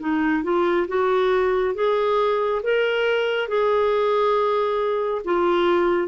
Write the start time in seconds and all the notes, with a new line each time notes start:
0.00 D#4
0.43 F4
0.88 F#4
1.75 G#4
2.63 A#4
3.48 G#4
5.25 F4